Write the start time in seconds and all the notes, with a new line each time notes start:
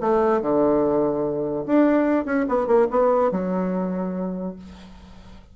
0.00 A3
0.41 D3
1.66 D4
2.25 C#4
2.48 B3
2.67 A#3
2.90 B3
3.31 F#3